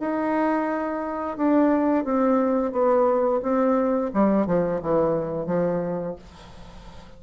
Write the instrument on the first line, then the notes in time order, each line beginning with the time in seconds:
bassoon
0.00 D#4
1.37 D4
2.04 C4
2.72 B3
3.43 C4
4.14 G3
4.47 F3
4.82 E3
5.47 F3